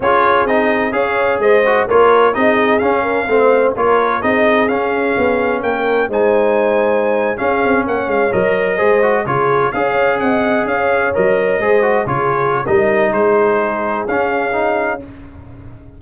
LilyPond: <<
  \new Staff \with { instrumentName = "trumpet" } { \time 4/4 \tempo 4 = 128 cis''4 dis''4 f''4 dis''4 | cis''4 dis''4 f''2 | cis''4 dis''4 f''2 | g''4 gis''2~ gis''8. f''16~ |
f''8. fis''8 f''8 dis''2 cis''16~ | cis''8. f''4 fis''4 f''4 dis''16~ | dis''4.~ dis''16 cis''4~ cis''16 dis''4 | c''2 f''2 | }
  \new Staff \with { instrumentName = "horn" } { \time 4/4 gis'2 cis''4 c''4 | ais'4 gis'4. ais'8 c''4 | ais'4 gis'2. | ais'4 c''2~ c''8. gis'16~ |
gis'8. cis''2 c''4 gis'16~ | gis'8. cis''4 dis''4 cis''4~ cis''16~ | cis''8. c''4 gis'4~ gis'16 ais'4 | gis'1 | }
  \new Staff \with { instrumentName = "trombone" } { \time 4/4 f'4 dis'4 gis'4. fis'8 | f'4 dis'4 cis'4 c'4 | f'4 dis'4 cis'2~ | cis'4 dis'2~ dis'8. cis'16~ |
cis'4.~ cis'16 ais'4 gis'8 fis'8 f'16~ | f'8. gis'2. ais'16~ | ais'8. gis'8 fis'8 f'4~ f'16 dis'4~ | dis'2 cis'4 dis'4 | }
  \new Staff \with { instrumentName = "tuba" } { \time 4/4 cis'4 c'4 cis'4 gis4 | ais4 c'4 cis'4 a4 | ais4 c'4 cis'4 b4 | ais4 gis2~ gis8. cis'16~ |
cis'16 c'8 ais8 gis8 fis4 gis4 cis16~ | cis8. cis'4 c'4 cis'4 fis16~ | fis8. gis4 cis4~ cis16 g4 | gis2 cis'2 | }
>>